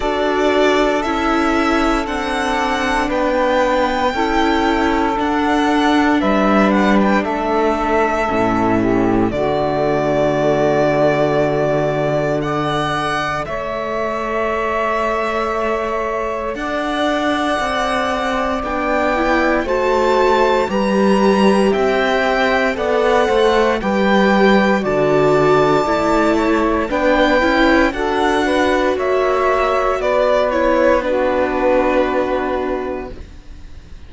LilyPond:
<<
  \new Staff \with { instrumentName = "violin" } { \time 4/4 \tempo 4 = 58 d''4 e''4 fis''4 g''4~ | g''4 fis''4 e''8 fis''16 g''16 e''4~ | e''4 d''2. | fis''4 e''2. |
fis''2 g''4 a''4 | ais''4 g''4 fis''4 g''4 | a''2 g''4 fis''4 | e''4 d''8 cis''8 b'2 | }
  \new Staff \with { instrumentName = "saxophone" } { \time 4/4 a'2. b'4 | a'2 b'4 a'4~ | a'8 g'8 fis'2. | d''4 cis''2. |
d''2. c''4 | b'4 e''4 d''8 c''8 b'4 | d''4. cis''8 b'4 a'8 b'8 | cis''4 b'4 fis'2 | }
  \new Staff \with { instrumentName = "viola" } { \time 4/4 fis'4 e'4 d'2 | e'4 d'2. | cis'4 a2. | a'1~ |
a'2 d'8 e'8 fis'4 | g'2 a'4 g'4 | fis'4 e'4 d'8 e'8 fis'4~ | fis'4. e'8 d'2 | }
  \new Staff \with { instrumentName = "cello" } { \time 4/4 d'4 cis'4 c'4 b4 | cis'4 d'4 g4 a4 | a,4 d2.~ | d4 a2. |
d'4 c'4 b4 a4 | g4 c'4 b8 a8 g4 | d4 a4 b8 cis'8 d'4 | ais4 b2. | }
>>